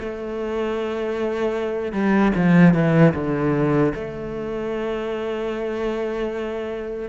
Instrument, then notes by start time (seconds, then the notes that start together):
cello
0.00 A3
1.93 G3
2.36 F3
2.75 E3
3.15 D3
3.95 A3